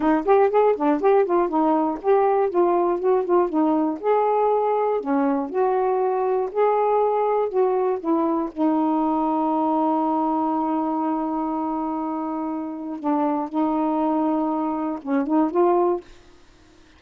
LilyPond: \new Staff \with { instrumentName = "saxophone" } { \time 4/4 \tempo 4 = 120 dis'8 g'8 gis'8 d'8 g'8 f'8 dis'4 | g'4 f'4 fis'8 f'8 dis'4 | gis'2 cis'4 fis'4~ | fis'4 gis'2 fis'4 |
e'4 dis'2.~ | dis'1~ | dis'2 d'4 dis'4~ | dis'2 cis'8 dis'8 f'4 | }